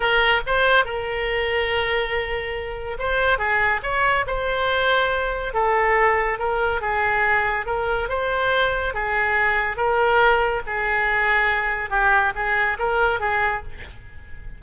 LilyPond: \new Staff \with { instrumentName = "oboe" } { \time 4/4 \tempo 4 = 141 ais'4 c''4 ais'2~ | ais'2. c''4 | gis'4 cis''4 c''2~ | c''4 a'2 ais'4 |
gis'2 ais'4 c''4~ | c''4 gis'2 ais'4~ | ais'4 gis'2. | g'4 gis'4 ais'4 gis'4 | }